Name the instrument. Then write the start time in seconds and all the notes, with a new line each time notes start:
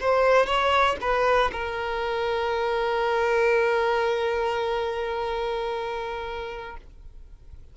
violin
0.00 C5
0.46 C#5
1.00 B4
1.52 A#4